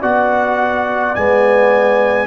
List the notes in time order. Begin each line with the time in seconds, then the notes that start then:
0.00 B3 F#4 D5 F#5
1.15 G#3 B3 G#5